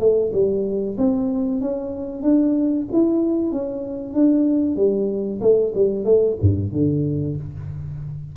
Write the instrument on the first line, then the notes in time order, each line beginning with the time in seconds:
tuba
0.00 A3
0.33 G3
0.98 C4
1.61 C#4
2.23 D4
2.92 E4
3.52 C#4
4.14 D4
4.76 G3
5.41 A3
5.75 G3
6.05 A3
6.41 G2
6.73 D3